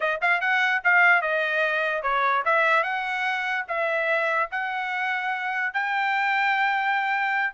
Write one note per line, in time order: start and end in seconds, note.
0.00 0.20 D#5
0.21 0.40 F5
0.40 0.81 F#5
0.84 1.21 F5
1.21 2.02 D#5
2.02 2.43 C#5
2.45 2.83 E5
2.83 3.64 F#5
3.67 4.49 E5
4.51 5.73 F#5
5.73 7.53 G5